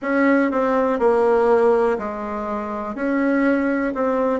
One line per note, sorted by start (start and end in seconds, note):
0.01 0.51 C#4
0.51 0.99 C4
0.99 1.97 A#3
1.98 2.95 G#3
2.95 3.93 C#4
3.94 4.39 C4